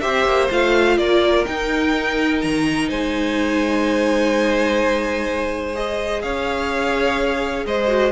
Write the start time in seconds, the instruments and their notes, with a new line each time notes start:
0.00 cello C4, viola G4, violin C5 E5
0.25 cello A#3
0.50 cello A3, viola F4, violin F5
0.97 cello A#3, violin A#4 D5
1.45 viola D#4, cello D#4, violin G5
2.41 cello D#3, violin A#5
2.89 cello G#3, violin C5 G#5
5.74 viola G#4, violin D#5
6.22 cello C#4, violin C#5 F5
7.65 cello G#3, violin C5 D#5
7.87 viola F#4